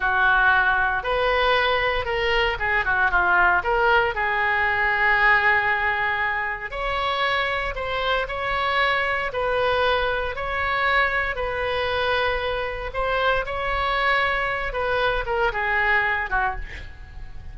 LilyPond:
\new Staff \with { instrumentName = "oboe" } { \time 4/4 \tempo 4 = 116 fis'2 b'2 | ais'4 gis'8 fis'8 f'4 ais'4 | gis'1~ | gis'4 cis''2 c''4 |
cis''2 b'2 | cis''2 b'2~ | b'4 c''4 cis''2~ | cis''8 b'4 ais'8 gis'4. fis'8 | }